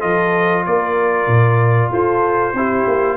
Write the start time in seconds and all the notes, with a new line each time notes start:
0.00 F3 F4 A4 D#5
0.65 A#3 A#4 D5
1.27 A#2
1.91 F4 A4 C5
2.53 C4 E4 G4
2.87 A#3